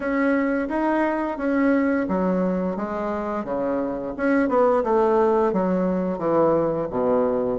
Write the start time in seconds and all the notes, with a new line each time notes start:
0.00 C#4
0.69 D#4
1.37 C#4
2.08 F#3
2.76 G#3
3.44 C#3
4.16 C#4
4.48 B3
4.83 A3
5.52 F#3
6.18 E3
6.90 B2